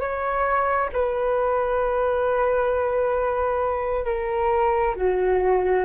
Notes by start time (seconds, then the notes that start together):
0.00 C#5
0.93 B4
4.05 A#4
4.96 F#4